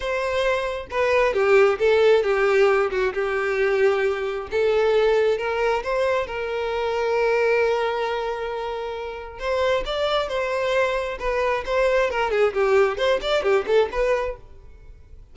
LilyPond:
\new Staff \with { instrumentName = "violin" } { \time 4/4 \tempo 4 = 134 c''2 b'4 g'4 | a'4 g'4. fis'8 g'4~ | g'2 a'2 | ais'4 c''4 ais'2~ |
ais'1~ | ais'4 c''4 d''4 c''4~ | c''4 b'4 c''4 ais'8 gis'8 | g'4 c''8 d''8 g'8 a'8 b'4 | }